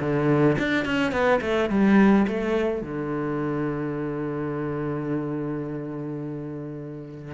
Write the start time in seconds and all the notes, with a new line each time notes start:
0.00 D3
0.58 D4
0.85 C#4
1.12 B3
1.41 A3
1.70 G3
2.28 A3
2.82 D3